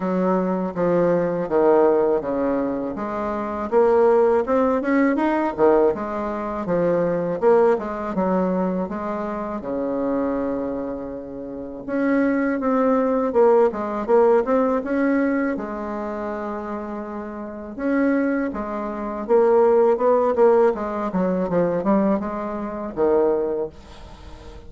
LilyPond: \new Staff \with { instrumentName = "bassoon" } { \time 4/4 \tempo 4 = 81 fis4 f4 dis4 cis4 | gis4 ais4 c'8 cis'8 dis'8 dis8 | gis4 f4 ais8 gis8 fis4 | gis4 cis2. |
cis'4 c'4 ais8 gis8 ais8 c'8 | cis'4 gis2. | cis'4 gis4 ais4 b8 ais8 | gis8 fis8 f8 g8 gis4 dis4 | }